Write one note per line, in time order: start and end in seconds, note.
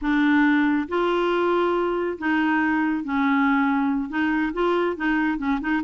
0.01 0.88 D4
0.88 2.18 F4
2.18 3.04 D#4
3.04 4.09 C#4
4.09 4.52 D#4
4.53 4.96 F4
4.96 5.38 D#4
5.38 5.59 C#4
5.61 5.82 D#4